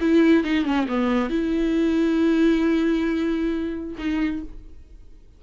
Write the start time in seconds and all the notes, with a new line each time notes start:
0.00 E4
0.43 D#4
0.64 C#4
0.88 B3
1.29 E4
3.97 D#4